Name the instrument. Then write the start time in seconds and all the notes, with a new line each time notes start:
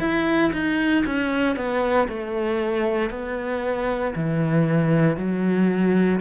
cello
0.00 E4
0.53 D#4
1.06 C#4
1.56 B3
2.08 A3
3.10 B3
4.15 E3
5.17 F#3